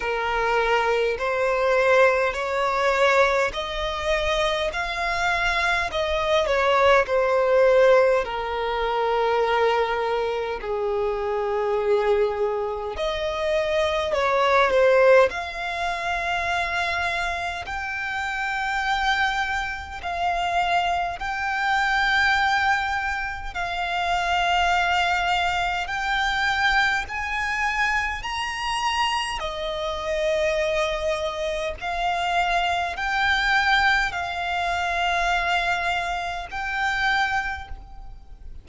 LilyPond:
\new Staff \with { instrumentName = "violin" } { \time 4/4 \tempo 4 = 51 ais'4 c''4 cis''4 dis''4 | f''4 dis''8 cis''8 c''4 ais'4~ | ais'4 gis'2 dis''4 | cis''8 c''8 f''2 g''4~ |
g''4 f''4 g''2 | f''2 g''4 gis''4 | ais''4 dis''2 f''4 | g''4 f''2 g''4 | }